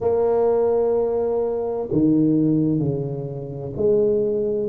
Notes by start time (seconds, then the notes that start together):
0.00 A#3
1.92 D#3
2.79 C#3
3.76 G#3